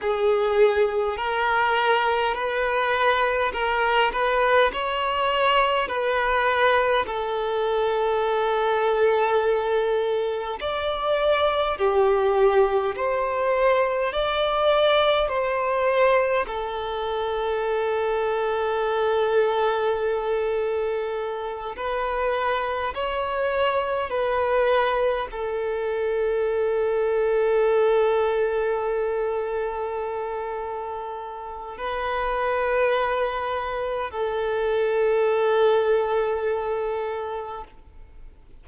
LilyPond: \new Staff \with { instrumentName = "violin" } { \time 4/4 \tempo 4 = 51 gis'4 ais'4 b'4 ais'8 b'8 | cis''4 b'4 a'2~ | a'4 d''4 g'4 c''4 | d''4 c''4 a'2~ |
a'2~ a'8 b'4 cis''8~ | cis''8 b'4 a'2~ a'8~ | a'2. b'4~ | b'4 a'2. | }